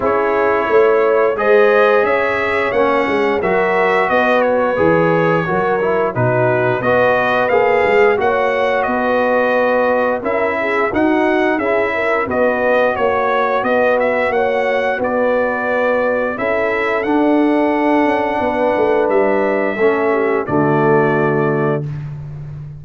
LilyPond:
<<
  \new Staff \with { instrumentName = "trumpet" } { \time 4/4 \tempo 4 = 88 cis''2 dis''4 e''4 | fis''4 e''4 dis''8 cis''4.~ | cis''4 b'4 dis''4 f''4 | fis''4 dis''2 e''4 |
fis''4 e''4 dis''4 cis''4 | dis''8 e''8 fis''4 d''2 | e''4 fis''2. | e''2 d''2 | }
  \new Staff \with { instrumentName = "horn" } { \time 4/4 gis'4 cis''4 c''4 cis''4~ | cis''4 ais'4 b'2 | ais'4 fis'4 b'2 | cis''4 b'2 ais'8 gis'8 |
fis'4 gis'8 ais'8 b'4 cis''4 | b'4 cis''4 b'2 | a'2. b'4~ | b'4 a'8 g'8 fis'2 | }
  \new Staff \with { instrumentName = "trombone" } { \time 4/4 e'2 gis'2 | cis'4 fis'2 gis'4 | fis'8 e'8 dis'4 fis'4 gis'4 | fis'2. e'4 |
dis'4 e'4 fis'2~ | fis'1 | e'4 d'2.~ | d'4 cis'4 a2 | }
  \new Staff \with { instrumentName = "tuba" } { \time 4/4 cis'4 a4 gis4 cis'4 | ais8 gis8 fis4 b4 e4 | fis4 b,4 b4 ais8 gis8 | ais4 b2 cis'4 |
dis'4 cis'4 b4 ais4 | b4 ais4 b2 | cis'4 d'4. cis'8 b8 a8 | g4 a4 d2 | }
>>